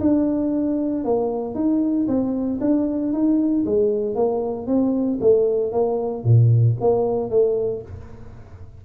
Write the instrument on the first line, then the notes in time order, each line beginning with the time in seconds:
tuba
0.00 D4
1.04 A#3
1.55 D#4
2.08 C4
2.61 D4
3.13 D#4
3.65 G#3
4.15 A#3
4.66 C4
5.21 A3
5.72 A#3
6.24 A#2
6.80 A#3
7.30 A3